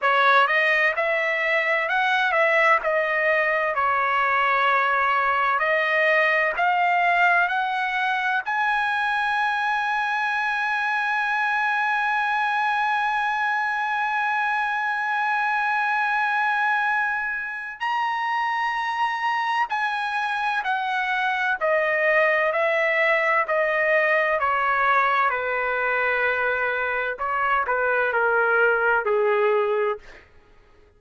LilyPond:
\new Staff \with { instrumentName = "trumpet" } { \time 4/4 \tempo 4 = 64 cis''8 dis''8 e''4 fis''8 e''8 dis''4 | cis''2 dis''4 f''4 | fis''4 gis''2.~ | gis''1~ |
gis''2. ais''4~ | ais''4 gis''4 fis''4 dis''4 | e''4 dis''4 cis''4 b'4~ | b'4 cis''8 b'8 ais'4 gis'4 | }